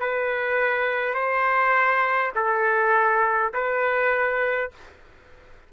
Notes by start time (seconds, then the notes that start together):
0.00 B4
1.14 C5
2.35 A4
3.53 B4